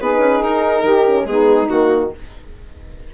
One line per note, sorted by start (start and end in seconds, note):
0.00 0.18 B3
0.00 1.07 D#4
0.00 0.84 G#4
0.00 0.43 B4
0.18 0.39 C#4
0.43 0.83 D#4
0.43 1.26 A#4
0.83 1.25 D#3
0.83 1.27 G4
1.07 1.28 C#4
1.25 1.68 G#3
1.25 1.68 B3
1.25 2.14 D#4
1.25 1.69 G#4
1.68 2.13 D#3
1.68 2.11 A#3
1.68 2.12 F#4